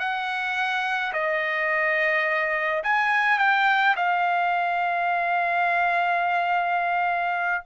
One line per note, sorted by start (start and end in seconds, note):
0.00 1.13 F#5
1.14 2.84 D#5
2.84 3.39 G#5
3.39 3.96 G5
3.96 7.64 F5